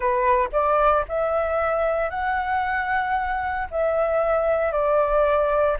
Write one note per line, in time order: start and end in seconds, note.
0.00 0.48 B4
0.52 1.05 D5
1.08 2.09 E5
2.09 3.67 F#5
3.70 4.72 E5
4.72 5.77 D5